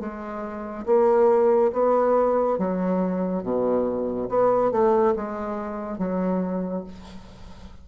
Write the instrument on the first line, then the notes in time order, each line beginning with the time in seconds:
bassoon
0.00 G#3
0.86 A#3
1.73 B3
2.59 F#3
3.43 B2
4.29 B3
4.71 A3
5.16 G#3
5.99 F#3